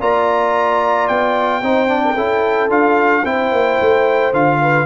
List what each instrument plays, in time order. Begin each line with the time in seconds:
0.00 tuba A#3, trombone F4, horn D5, trumpet A#5
1.08 tuba B3, trumpet G5
1.62 tuba C4, trombone D#4, horn C5
1.88 trombone D4
2.05 horn A#4
2.15 tuba C#4, trombone E4, horn A4
2.69 tuba D4, trombone F4, trumpet F5
3.24 tuba C4, trombone E4, horn C5, trumpet G5
3.52 tuba A#3
3.81 tuba A3
4.32 tuba D3, trombone F4, trumpet F5
4.61 horn B4